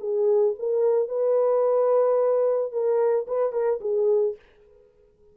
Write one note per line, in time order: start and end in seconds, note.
0.00 0.55 G#4
0.59 1.09 A#4
1.09 2.72 B4
2.72 3.27 A#4
3.27 3.53 B4
3.53 3.80 A#4
3.81 4.36 G#4